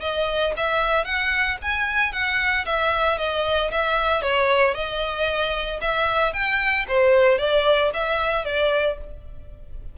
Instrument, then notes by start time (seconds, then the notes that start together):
violin
0.00 D#5
0.56 E5
1.04 F#5
1.61 G#5
2.12 F#5
2.65 E5
3.17 D#5
3.71 E5
4.22 C#5
4.74 D#5
5.81 E5
6.33 G5
6.88 C5
7.38 D5
7.93 E5
8.44 D5